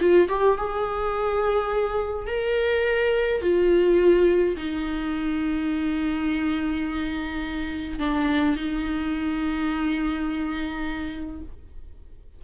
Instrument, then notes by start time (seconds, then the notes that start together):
viola
0.00 F4
0.29 G4
0.58 G#4
2.27 A#4
3.42 F4
4.57 D#4
7.99 D4
8.56 D#4